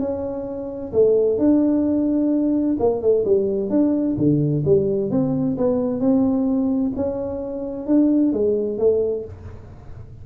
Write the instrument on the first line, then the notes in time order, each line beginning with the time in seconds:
tuba
0.00 C#4
0.93 A3
1.38 D4
2.79 A#3
3.02 A3
3.25 G3
3.70 D4
4.17 D3
4.65 G3
5.11 C4
5.58 B3
6.00 C4
6.96 C#4
7.87 D4
8.33 G#3
8.78 A3